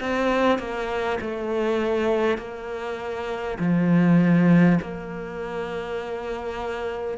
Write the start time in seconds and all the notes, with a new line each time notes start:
0.00 C4
0.58 A#3
1.21 A3
2.38 A#3
3.59 F3
4.82 A#3